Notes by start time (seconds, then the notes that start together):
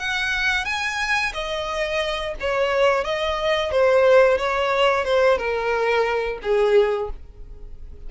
0.00 F#5
0.66 G#5
1.34 D#5
2.41 C#5
3.05 D#5
3.72 C5
4.38 C#5
5.05 C5
5.38 A#4
6.43 G#4